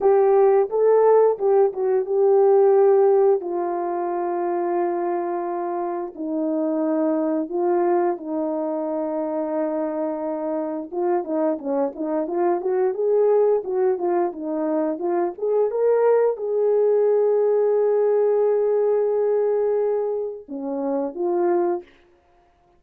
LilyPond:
\new Staff \with { instrumentName = "horn" } { \time 4/4 \tempo 4 = 88 g'4 a'4 g'8 fis'8 g'4~ | g'4 f'2.~ | f'4 dis'2 f'4 | dis'1 |
f'8 dis'8 cis'8 dis'8 f'8 fis'8 gis'4 | fis'8 f'8 dis'4 f'8 gis'8 ais'4 | gis'1~ | gis'2 cis'4 f'4 | }